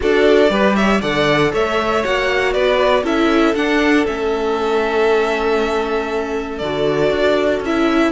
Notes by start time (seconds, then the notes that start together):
0.00 D4 F#4 A4 D5
0.49 G3 G4 B4
0.75 C#5 E5
1.01 D3 A4 D5 F#5
1.52 A3 C#5 E5
2.04 A#3 F#4 F#5
2.52 B3 B4 D5
3.03 C#4 E4 A4 E5
3.54 D4 F#5
4.06 A3 C#4 E5
6.58 D3 D5
6.64 F#4
7.10 D4
7.60 C#4 E4 E5